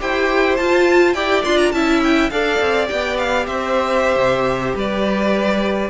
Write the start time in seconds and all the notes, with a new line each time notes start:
0.00 E4 G4 C5 G5
0.56 F4 A5
1.13 E4 G4 D5 G5
1.45 D4 F4 C6
1.57 A#5
1.72 C#4 E4 E5 A5
2.03 G5
2.30 D4 A4 D5 F5
2.60 C4
2.86 B3 G4 G5
3.18 F5
3.46 C4 C5 E5
4.16 C3
4.75 G3 B4 D5